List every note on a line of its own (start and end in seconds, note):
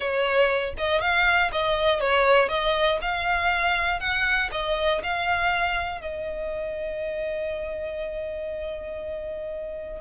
0.00 0.74 C#5
0.77 1.00 D#5
1.00 1.50 F5
1.51 2.00 D#5
2.00 2.48 C#5
2.48 2.98 D#5
3.01 4.00 F5
4.00 4.50 F#5
4.51 5.01 D#5
5.03 6.00 F5
6.00 10.00 D#5